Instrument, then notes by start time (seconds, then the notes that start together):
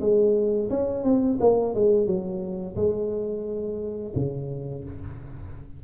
tuba
0.00 G#3
0.69 C#4
1.03 C4
1.40 A#3
1.74 G#3
2.06 F#3
2.76 G#3
4.15 C#3